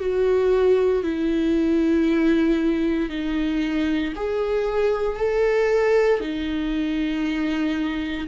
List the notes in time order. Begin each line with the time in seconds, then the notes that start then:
0.00 F#4
1.03 E4
3.10 D#4
4.16 G#4
5.17 A4
6.21 D#4